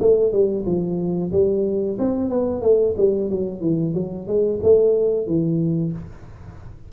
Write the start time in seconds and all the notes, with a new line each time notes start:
0.00 A3
0.33 G3
0.66 F3
1.32 G3
1.99 C4
2.30 B3
2.62 A3
2.97 G3
3.30 F#3
3.61 E3
3.94 F#3
4.27 G#3
4.63 A3
5.27 E3